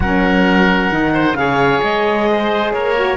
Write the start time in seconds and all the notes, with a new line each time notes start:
0.00 F#3 C#4 A#4 F#5
0.91 D#3 D#4
1.13 C5
1.33 C#3 G#4 C#5 F5
1.82 G#3 D#5
2.30 C5
2.72 A#3 A#4 C#5
2.95 F#4